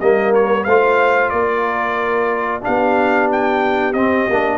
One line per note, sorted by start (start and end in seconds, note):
0.00 0.66 G3
0.00 0.67 A#3
0.00 0.65 A#4
0.00 0.33 D#5
0.34 0.64 C#5
0.64 1.32 A3
0.64 2.61 F4
0.64 1.31 C5
0.64 1.29 F5
1.29 2.64 A#3
1.29 2.64 A#4
1.29 2.61 D5
2.61 3.93 B3
2.61 3.93 D4
2.61 4.58 G4
2.61 3.30 F5
3.31 3.93 G5
3.93 4.26 C4
3.93 4.30 C4
3.93 4.58 D#5
4.29 4.58 A#3
4.29 4.58 D4